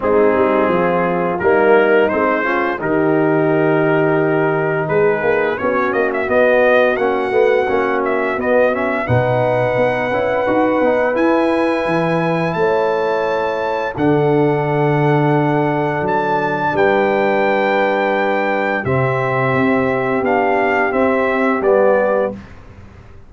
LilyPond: <<
  \new Staff \with { instrumentName = "trumpet" } { \time 4/4 \tempo 4 = 86 gis'2 ais'4 c''4 | ais'2. b'4 | cis''8 dis''16 e''16 dis''4 fis''4. e''8 | dis''8 e''8 fis''2. |
gis''2 a''2 | fis''2. a''4 | g''2. e''4~ | e''4 f''4 e''4 d''4 | }
  \new Staff \with { instrumentName = "horn" } { \time 4/4 dis'4 f'4 dis'4. f'8 | g'2. gis'4 | fis'1~ | fis'4 b'2.~ |
b'2 cis''2 | a'1 | b'2. g'4~ | g'1 | }
  \new Staff \with { instrumentName = "trombone" } { \time 4/4 c'2 ais4 c'8 cis'8 | dis'1 | cis'4 b4 cis'8 b8 cis'4 | b8 cis'8 dis'4. e'8 fis'8 dis'8 |
e'1 | d'1~ | d'2. c'4~ | c'4 d'4 c'4 b4 | }
  \new Staff \with { instrumentName = "tuba" } { \time 4/4 gis8 g8 f4 g4 gis4 | dis2. gis8 ais8 | b8 ais8 b4 ais8 a8 ais4 | b4 b,4 b8 cis'8 dis'8 b8 |
e'4 e4 a2 | d2. fis4 | g2. c4 | c'4 b4 c'4 g4 | }
>>